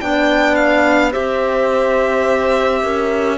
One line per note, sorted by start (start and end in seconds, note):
0.00 1.15 B3
0.00 1.11 D4
0.00 1.11 D5
0.00 0.55 G5
0.55 1.12 F5
1.11 2.83 C4
1.11 3.37 G4
1.11 2.81 C5
1.11 3.37 E5
2.83 3.37 C#4
2.83 3.37 A#4